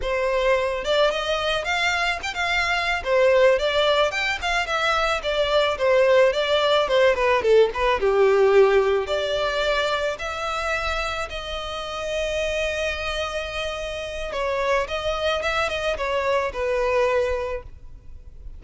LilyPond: \new Staff \with { instrumentName = "violin" } { \time 4/4 \tempo 4 = 109 c''4. d''8 dis''4 f''4 | g''16 f''4~ f''16 c''4 d''4 g''8 | f''8 e''4 d''4 c''4 d''8~ | d''8 c''8 b'8 a'8 b'8 g'4.~ |
g'8 d''2 e''4.~ | e''8 dis''2.~ dis''8~ | dis''2 cis''4 dis''4 | e''8 dis''8 cis''4 b'2 | }